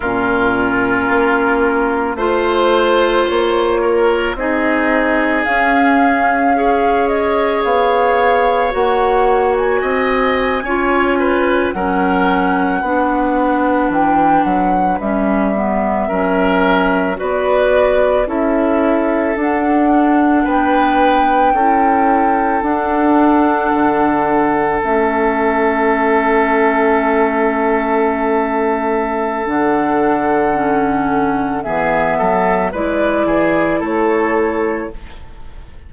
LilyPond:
<<
  \new Staff \with { instrumentName = "flute" } { \time 4/4 \tempo 4 = 55 ais'2 c''4 cis''4 | dis''4 f''4. dis''8 f''4 | fis''8. gis''2 fis''4~ fis''16~ | fis''8. g''8 fis''8 e''2 d''16~ |
d''8. e''4 fis''4 g''4~ g''16~ | g''8. fis''2 e''4~ e''16~ | e''2. fis''4~ | fis''4 e''4 d''4 cis''4 | }
  \new Staff \with { instrumentName = "oboe" } { \time 4/4 f'2 c''4. ais'8 | gis'2 cis''2~ | cis''4 dis''8. cis''8 b'8 ais'4 b'16~ | b'2~ b'8. ais'4 b'16~ |
b'8. a'2 b'4 a'16~ | a'1~ | a'1~ | a'4 gis'8 a'8 b'8 gis'8 a'4 | }
  \new Staff \with { instrumentName = "clarinet" } { \time 4/4 cis'2 f'2 | dis'4 cis'4 gis'2 | fis'4.~ fis'16 f'4 cis'4 d'16~ | d'4.~ d'16 cis'8 b8 cis'4 fis'16~ |
fis'8. e'4 d'2 e'16~ | e'8. d'2 cis'4~ cis'16~ | cis'2. d'4 | cis'4 b4 e'2 | }
  \new Staff \with { instrumentName = "bassoon" } { \time 4/4 ais,4 ais4 a4 ais4 | c'4 cis'2 b4 | ais4 c'8. cis'4 fis4 b16~ | b8. e8 fis8 g4 fis4 b16~ |
b8. cis'4 d'4 b4 cis'16~ | cis'8. d'4 d4 a4~ a16~ | a2. d4~ | d4 e8 fis8 gis8 e8 a4 | }
>>